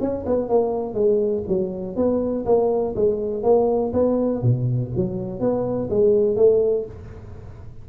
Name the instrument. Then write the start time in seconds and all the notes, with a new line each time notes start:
tuba
0.00 C#4
0.26 B3
0.48 A#3
0.94 G#3
1.48 F#3
1.96 B3
2.45 A#3
2.95 G#3
3.43 A#3
3.93 B3
4.42 B2
4.96 F#3
5.40 B3
5.90 G#3
6.36 A3